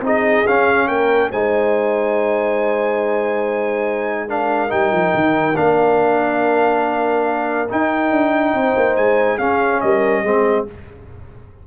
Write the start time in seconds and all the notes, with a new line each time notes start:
0.00 C4 D#4 G#4 D#5
0.46 C#4 F5
0.87 A#3 A#4 G5
1.30 G#3 D#4 C5 G#5
4.27 D4 A#4 F5
4.68 G3 D#4 G5
4.91 F3
5.14 D#3
5.55 A#3 D4 F5
7.69 D#4 G5
8.10 D4
8.53 C4 C5
8.76 A#3
8.96 G#3 G#5
9.38 C#4 G#4 F5
9.80 G3 A#4 D#5
10.23 G#3 C4 G#4